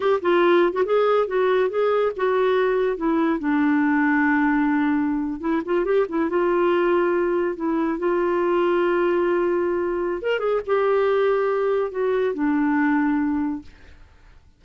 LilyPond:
\new Staff \with { instrumentName = "clarinet" } { \time 4/4 \tempo 4 = 141 g'8 f'4~ f'16 fis'16 gis'4 fis'4 | gis'4 fis'2 e'4 | d'1~ | d'8. e'8 f'8 g'8 e'8 f'4~ f'16~ |
f'4.~ f'16 e'4 f'4~ f'16~ | f'1 | ais'8 gis'8 g'2. | fis'4 d'2. | }